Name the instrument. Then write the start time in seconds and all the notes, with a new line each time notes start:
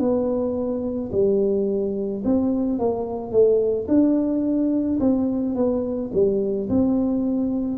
tuba
0.00 B3
1.13 G3
2.25 C4
2.79 A#3
3.32 A3
3.88 D4
5.01 C4
5.56 B3
6.14 G3
6.70 C4